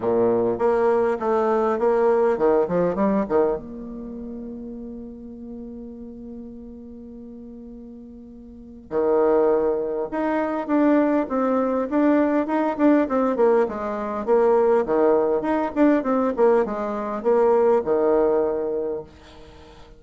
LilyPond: \new Staff \with { instrumentName = "bassoon" } { \time 4/4 \tempo 4 = 101 ais,4 ais4 a4 ais4 | dis8 f8 g8 dis8 ais2~ | ais1~ | ais2. dis4~ |
dis4 dis'4 d'4 c'4 | d'4 dis'8 d'8 c'8 ais8 gis4 | ais4 dis4 dis'8 d'8 c'8 ais8 | gis4 ais4 dis2 | }